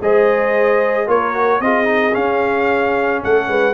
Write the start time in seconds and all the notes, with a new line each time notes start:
0.00 G#3 G#4 C5 D#5
1.06 A#3 F4 A#4 C#5
1.33 F#4
1.60 C4 F4 G#4 D#5
1.84 D#4
2.12 C#4 F5
3.22 A3 A4 F#5
3.47 G#3 B4